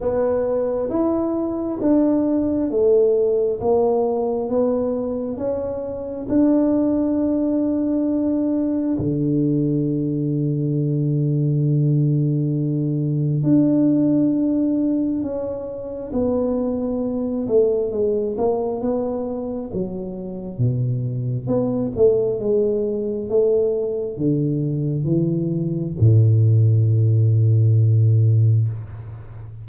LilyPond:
\new Staff \with { instrumentName = "tuba" } { \time 4/4 \tempo 4 = 67 b4 e'4 d'4 a4 | ais4 b4 cis'4 d'4~ | d'2 d2~ | d2. d'4~ |
d'4 cis'4 b4. a8 | gis8 ais8 b4 fis4 b,4 | b8 a8 gis4 a4 d4 | e4 a,2. | }